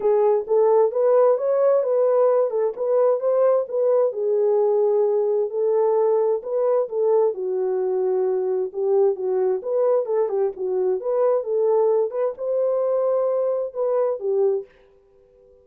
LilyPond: \new Staff \with { instrumentName = "horn" } { \time 4/4 \tempo 4 = 131 gis'4 a'4 b'4 cis''4 | b'4. a'8 b'4 c''4 | b'4 gis'2. | a'2 b'4 a'4 |
fis'2. g'4 | fis'4 b'4 a'8 g'8 fis'4 | b'4 a'4. b'8 c''4~ | c''2 b'4 g'4 | }